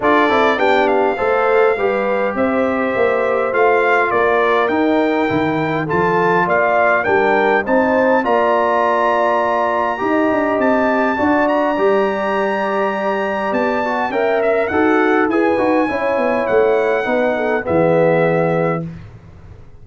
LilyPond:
<<
  \new Staff \with { instrumentName = "trumpet" } { \time 4/4 \tempo 4 = 102 d''4 g''8 f''2~ f''8 | e''2 f''4 d''4 | g''2 a''4 f''4 | g''4 a''4 ais''2~ |
ais''2 a''4. ais''8~ | ais''2. a''4 | g''8 e''8 fis''4 gis''2 | fis''2 e''2 | }
  \new Staff \with { instrumentName = "horn" } { \time 4/4 a'4 g'4 c''4 b'4 | c''2. ais'4~ | ais'2 a'4 d''4 | ais'4 c''4 d''2~ |
d''4 dis''2 d''4~ | d''1 | e''4 fis'4 b'4 cis''4~ | cis''4 b'8 a'8 gis'2 | }
  \new Staff \with { instrumentName = "trombone" } { \time 4/4 f'8 e'8 d'4 a'4 g'4~ | g'2 f'2 | dis'4 e'4 f'2 | d'4 dis'4 f'2~ |
f'4 g'2 fis'4 | g'2.~ g'8 fis'8 | ais'4 a'4 gis'8 fis'8 e'4~ | e'4 dis'4 b2 | }
  \new Staff \with { instrumentName = "tuba" } { \time 4/4 d'8 c'8 b4 a4 g4 | c'4 ais4 a4 ais4 | dis'4 dis4 f4 ais4 | g4 c'4 ais2~ |
ais4 dis'8 d'8 c'4 d'4 | g2. b4 | cis'4 dis'4 e'8 dis'8 cis'8 b8 | a4 b4 e2 | }
>>